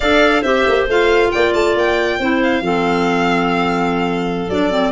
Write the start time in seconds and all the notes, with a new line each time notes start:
0.00 D4 A4 D5 F5
0.41 C4 G4 C5 E5
0.67 A#3
0.87 A3 F4 F5
1.31 A#3 D5 G5
1.53 A3 A5
1.75 A#3 G5
2.19 C4 E4 C5
2.42 F5
2.61 F3 C4 A4
4.49 F#3 D4 D5
4.71 C4